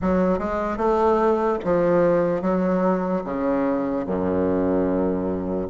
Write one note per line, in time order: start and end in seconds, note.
0.01 0.38 F#3
0.38 0.77 G#3
0.77 1.58 A3
1.64 2.41 F3
2.41 3.22 F#3
3.24 4.05 C#3
4.06 5.68 F#2